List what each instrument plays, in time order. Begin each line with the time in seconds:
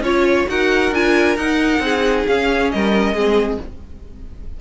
0.00 cello C#4, viola F4, violin C#5
0.47 cello D#4, viola F#4, violin A#4 F#5
0.91 cello D4, viola F4, violin G#5
1.36 cello D#4, viola D#4, violin F#5
1.79 cello C4, violin G#4
2.27 cello C#4, viola C#4, violin F5
2.71 cello G3, violin A#4 D#5
3.13 cello G#3, viola C4, violin G#4